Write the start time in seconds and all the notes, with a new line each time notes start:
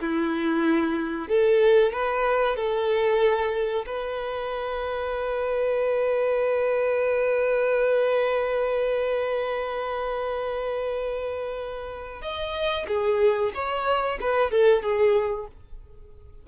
0.00 E4
1.28 A4
1.92 B4
2.56 A4
3.86 B4
12.21 D#5
12.87 G#4
13.54 C#5
14.20 B4
14.51 A4
14.82 G#4